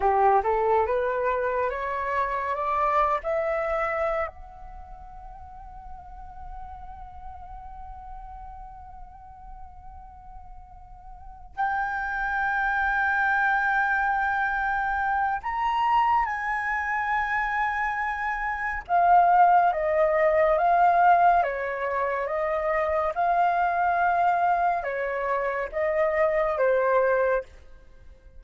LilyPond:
\new Staff \with { instrumentName = "flute" } { \time 4/4 \tempo 4 = 70 g'8 a'8 b'4 cis''4 d''8. e''16~ | e''4 fis''2.~ | fis''1~ | fis''4. g''2~ g''8~ |
g''2 ais''4 gis''4~ | gis''2 f''4 dis''4 | f''4 cis''4 dis''4 f''4~ | f''4 cis''4 dis''4 c''4 | }